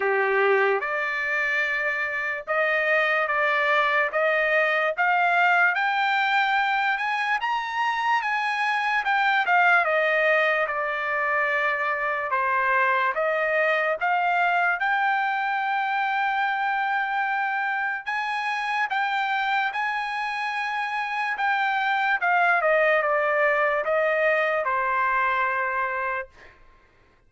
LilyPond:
\new Staff \with { instrumentName = "trumpet" } { \time 4/4 \tempo 4 = 73 g'4 d''2 dis''4 | d''4 dis''4 f''4 g''4~ | g''8 gis''8 ais''4 gis''4 g''8 f''8 | dis''4 d''2 c''4 |
dis''4 f''4 g''2~ | g''2 gis''4 g''4 | gis''2 g''4 f''8 dis''8 | d''4 dis''4 c''2 | }